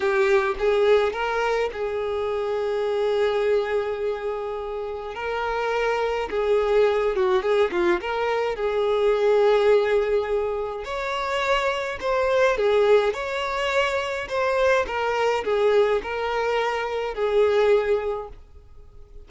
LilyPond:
\new Staff \with { instrumentName = "violin" } { \time 4/4 \tempo 4 = 105 g'4 gis'4 ais'4 gis'4~ | gis'1~ | gis'4 ais'2 gis'4~ | gis'8 fis'8 gis'8 f'8 ais'4 gis'4~ |
gis'2. cis''4~ | cis''4 c''4 gis'4 cis''4~ | cis''4 c''4 ais'4 gis'4 | ais'2 gis'2 | }